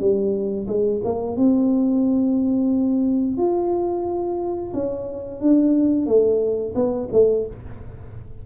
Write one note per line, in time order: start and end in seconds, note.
0.00 0.67 G3
0.68 1.02 G#3
1.04 1.37 A#3
1.37 3.38 C4
3.38 4.73 F4
4.74 5.41 C#4
5.41 6.06 D4
6.06 6.74 A3
6.75 7.09 B3
7.13 7.46 A3